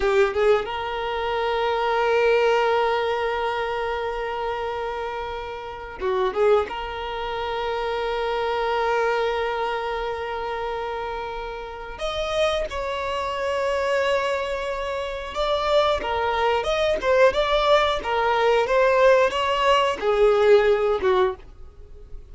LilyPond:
\new Staff \with { instrumentName = "violin" } { \time 4/4 \tempo 4 = 90 g'8 gis'8 ais'2.~ | ais'1~ | ais'4 fis'8 gis'8 ais'2~ | ais'1~ |
ais'2 dis''4 cis''4~ | cis''2. d''4 | ais'4 dis''8 c''8 d''4 ais'4 | c''4 cis''4 gis'4. fis'8 | }